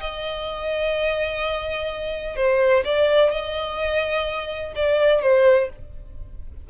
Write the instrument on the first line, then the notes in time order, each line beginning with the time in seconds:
violin
0.00 D#5
2.36 C5
2.84 D5
3.31 D#5
4.75 D5
5.22 C5